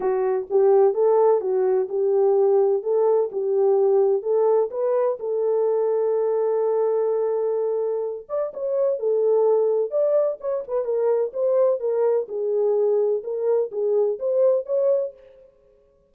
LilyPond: \new Staff \with { instrumentName = "horn" } { \time 4/4 \tempo 4 = 127 fis'4 g'4 a'4 fis'4 | g'2 a'4 g'4~ | g'4 a'4 b'4 a'4~ | a'1~ |
a'4. d''8 cis''4 a'4~ | a'4 d''4 cis''8 b'8 ais'4 | c''4 ais'4 gis'2 | ais'4 gis'4 c''4 cis''4 | }